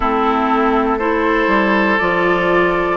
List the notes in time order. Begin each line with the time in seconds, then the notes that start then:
0.00 A3 C4 E4 A4
0.98 E4 A4 C5
1.47 G3
1.98 F3 F4 D5